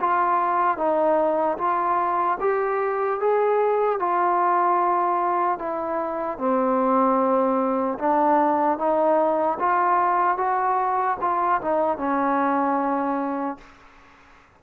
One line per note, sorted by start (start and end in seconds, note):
0.00 0.77 F4
0.77 1.57 D#4
1.58 2.38 F4
2.40 3.20 G4
3.20 3.99 G#4
3.99 5.58 F4
5.58 6.38 E4
6.38 7.98 C4
7.99 8.78 D4
8.78 9.58 D#4
9.59 10.37 F4
10.37 11.17 F#4
11.21 11.61 F4
11.61 11.97 D#4
11.97 13.57 C#4